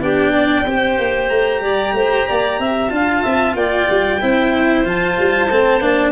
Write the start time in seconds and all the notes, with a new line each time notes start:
0.00 B3 D4 G4 G5
0.32 D5
0.66 C4 G4 C5
0.98 A#3
1.28 A3 A#5
1.61 G3 D5
1.93 A3 C5
2.28 A#3 D5
2.59 C4 E5
2.88 D4 F4 F5 A5
3.22 C4 E5
3.54 A#3 D5 G5
3.90 G3
4.21 C4 E4 C5
4.84 F3 F4 A5
5.18 G3
5.49 A3 C4
5.81 A#3 D4